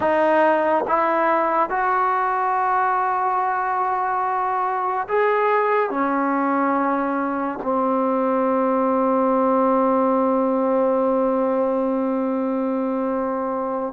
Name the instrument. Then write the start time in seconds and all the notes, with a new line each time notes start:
trombone
0.00 D#4
0.87 E4
1.69 F#4
5.07 G#4
5.90 C#4
7.62 C4